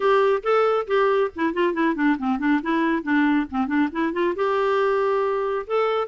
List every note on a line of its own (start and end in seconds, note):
0.00 0.42 G4
0.43 0.86 A4
0.87 1.30 G4
1.35 1.53 E4
1.53 1.73 F4
1.73 1.95 E4
1.95 2.16 D4
2.18 2.39 C4
2.39 2.60 D4
2.62 3.02 E4
3.02 3.46 D4
3.50 3.67 C4
3.67 3.89 D4
3.92 4.12 E4
4.12 4.34 F4
4.35 5.65 G4
5.66 6.08 A4